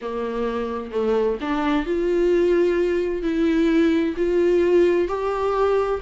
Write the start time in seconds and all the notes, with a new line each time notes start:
0.01 A#3
0.91 A3
1.40 D4
1.86 F4
3.22 E4
4.16 F4
5.08 G4